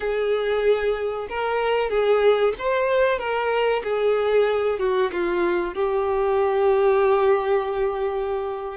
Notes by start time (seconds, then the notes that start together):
0.00 G#4
1.29 A#4
1.90 G#4
2.58 C5
3.18 A#4
3.83 G#4
4.79 F#4
5.12 F4
5.74 G4